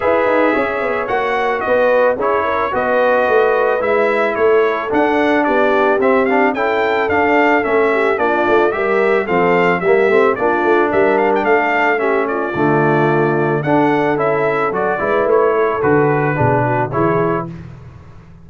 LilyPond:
<<
  \new Staff \with { instrumentName = "trumpet" } { \time 4/4 \tempo 4 = 110 e''2 fis''4 dis''4 | cis''4 dis''2 e''4 | cis''4 fis''4 d''4 e''8 f''8 | g''4 f''4 e''4 d''4 |
e''4 f''4 e''4 d''4 | e''8 f''16 g''16 f''4 e''8 d''4.~ | d''4 fis''4 e''4 d''4 | cis''4 b'2 cis''4 | }
  \new Staff \with { instrumentName = "horn" } { \time 4/4 b'4 cis''2 b'4 | gis'8 ais'8 b'2. | a'2 g'2 | a'2~ a'8 g'8 f'4 |
ais'4 a'4 g'4 f'4 | ais'4 a'4 g'8 f'4.~ | f'4 a'2~ a'8 b'8~ | b'8 a'4. gis'8 fis'8 gis'4 | }
  \new Staff \with { instrumentName = "trombone" } { \time 4/4 gis'2 fis'2 | e'4 fis'2 e'4~ | e'4 d'2 c'8 d'8 | e'4 d'4 cis'4 d'4 |
g'4 c'4 ais8 c'8 d'4~ | d'2 cis'4 a4~ | a4 d'4 e'4 fis'8 e'8~ | e'4 fis'4 d'4 e'4 | }
  \new Staff \with { instrumentName = "tuba" } { \time 4/4 e'8 dis'8 cis'8 b8 ais4 b4 | cis'4 b4 a4 gis4 | a4 d'4 b4 c'4 | cis'4 d'4 a4 ais8 a8 |
g4 f4 g8 a8 ais8 a8 | g4 a2 d4~ | d4 d'4 cis'4 fis8 gis8 | a4 d4 b,4 e4 | }
>>